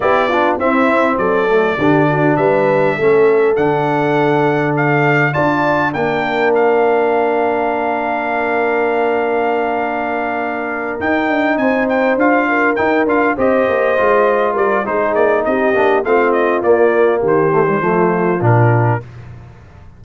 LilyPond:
<<
  \new Staff \with { instrumentName = "trumpet" } { \time 4/4 \tempo 4 = 101 d''4 e''4 d''2 | e''2 fis''2 | f''4 a''4 g''4 f''4~ | f''1~ |
f''2~ f''8 g''4 gis''8 | g''8 f''4 g''8 f''8 dis''4.~ | dis''8 d''8 c''8 d''8 dis''4 f''8 dis''8 | d''4 c''2 ais'4 | }
  \new Staff \with { instrumentName = "horn" } { \time 4/4 g'8 f'8 e'4 a'4 g'8 fis'8 | b'4 a'2.~ | a'4 d''4 ais'2~ | ais'1~ |
ais'2.~ ais'8 c''8~ | c''4 ais'4. c''4.~ | c''8 ais'8 gis'4 g'4 f'4~ | f'4 g'4 f'2 | }
  \new Staff \with { instrumentName = "trombone" } { \time 4/4 e'8 d'8 c'4. a8 d'4~ | d'4 cis'4 d'2~ | d'4 f'4 d'2~ | d'1~ |
d'2~ d'8 dis'4.~ | dis'8 f'4 dis'8 f'8 g'4 f'8~ | f'4 dis'4. d'8 c'4 | ais4. a16 g16 a4 d'4 | }
  \new Staff \with { instrumentName = "tuba" } { \time 4/4 b4 c'4 fis4 d4 | g4 a4 d2~ | d4 d'4 ais2~ | ais1~ |
ais2~ ais8 dis'8 d'8 c'8~ | c'8 d'4 dis'8 d'8 c'8 ais8 gis8~ | gis8 g8 gis8 ais8 c'8 ais8 a4 | ais4 dis4 f4 ais,4 | }
>>